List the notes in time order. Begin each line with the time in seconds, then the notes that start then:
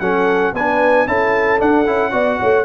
0.00 F#3 C#4 A4 F#5
0.54 B3 D4 B4 G#5
1.07 C#4 E4 A4 A5
1.59 D4 F#5
1.87 C#4 E4
2.12 B3 F#4 D5
2.40 A3 C#5